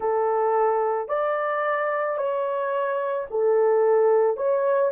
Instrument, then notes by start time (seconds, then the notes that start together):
horn
0.00 A4
1.08 D5
2.17 C#5
3.30 A4
4.36 C#5